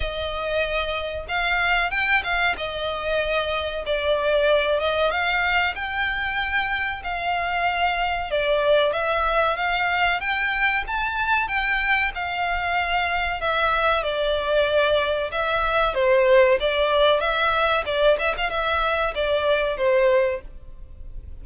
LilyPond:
\new Staff \with { instrumentName = "violin" } { \time 4/4 \tempo 4 = 94 dis''2 f''4 g''8 f''8 | dis''2 d''4. dis''8 | f''4 g''2 f''4~ | f''4 d''4 e''4 f''4 |
g''4 a''4 g''4 f''4~ | f''4 e''4 d''2 | e''4 c''4 d''4 e''4 | d''8 e''16 f''16 e''4 d''4 c''4 | }